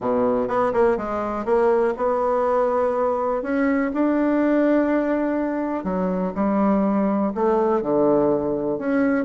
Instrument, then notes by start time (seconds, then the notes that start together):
bassoon
0.00 B2
0.47 B3
0.73 A#3
0.97 G#3
1.45 A#3
1.96 B3
3.42 C#4
3.93 D4
5.84 F#3
6.34 G3
7.34 A3
7.82 D3
8.78 C#4